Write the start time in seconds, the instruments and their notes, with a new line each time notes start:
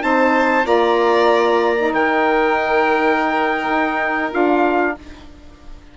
0.00 bassoon C4, saxophone D#4, violin C5, trumpet A5
0.63 bassoon A#3, saxophone F4, violin D5, trumpet A#5
1.76 saxophone D#4
1.92 bassoon D#3, violin A#4, trumpet G5
3.69 bassoon D#4
4.30 bassoon D4, saxophone F4, trumpet F5